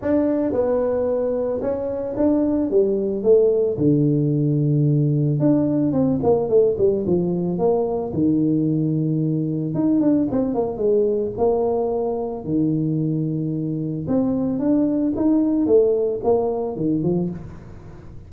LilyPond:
\new Staff \with { instrumentName = "tuba" } { \time 4/4 \tempo 4 = 111 d'4 b2 cis'4 | d'4 g4 a4 d4~ | d2 d'4 c'8 ais8 | a8 g8 f4 ais4 dis4~ |
dis2 dis'8 d'8 c'8 ais8 | gis4 ais2 dis4~ | dis2 c'4 d'4 | dis'4 a4 ais4 dis8 f8 | }